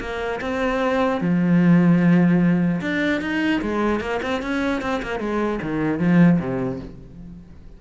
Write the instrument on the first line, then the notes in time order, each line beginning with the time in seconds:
cello
0.00 A#3
0.41 C4
1.21 F3
2.81 D4
3.21 D#4
3.61 G#3
4.01 A#3
4.22 C4
4.42 C#4
4.81 C4
5.02 A#3
5.19 G#3
5.62 D#3
5.99 F3
6.40 C3